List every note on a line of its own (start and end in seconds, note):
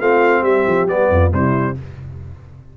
0.00 0.42 A3
0.00 0.88 C4
0.00 0.43 F4
0.00 0.44 F5
0.42 0.64 G3
0.42 1.09 G4
0.42 0.87 E5
0.67 0.86 F3
0.86 1.08 G3
0.86 1.31 B3
0.86 1.32 D5
1.09 1.31 F2
1.09 1.33 F4
1.31 1.77 C3
1.31 1.75 G3
1.31 1.77 E4
1.31 1.77 C5